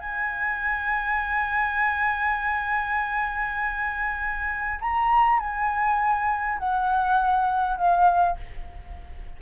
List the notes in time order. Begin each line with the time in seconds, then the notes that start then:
0.00 G#5
4.81 A#5
5.40 G#5
6.59 F#5
7.77 F5